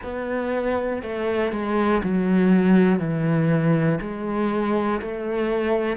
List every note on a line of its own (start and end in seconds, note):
0.03 1.02 B3
1.02 1.52 A3
1.52 2.02 G#3
2.03 2.99 F#3
2.99 3.99 E3
4.00 5.00 G#3
5.00 5.96 A3